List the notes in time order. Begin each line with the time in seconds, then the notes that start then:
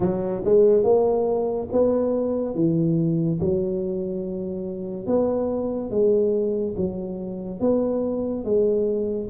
0.00 F#3
0.45 G#3
0.83 A#3
1.72 B3
2.55 E3
3.40 F#3
5.06 B3
5.90 G#3
6.76 F#3
7.59 B3
8.44 G#3